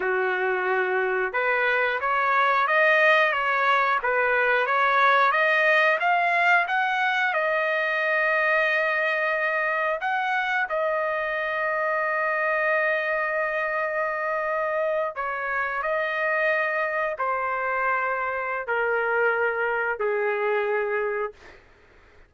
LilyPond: \new Staff \with { instrumentName = "trumpet" } { \time 4/4 \tempo 4 = 90 fis'2 b'4 cis''4 | dis''4 cis''4 b'4 cis''4 | dis''4 f''4 fis''4 dis''4~ | dis''2. fis''4 |
dis''1~ | dis''2~ dis''8. cis''4 dis''16~ | dis''4.~ dis''16 c''2~ c''16 | ais'2 gis'2 | }